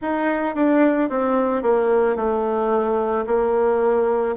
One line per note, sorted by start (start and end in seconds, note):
0.01 0.55 D#4
0.55 1.09 D4
1.09 1.62 C4
1.62 2.16 A#3
2.16 3.25 A3
3.26 4.35 A#3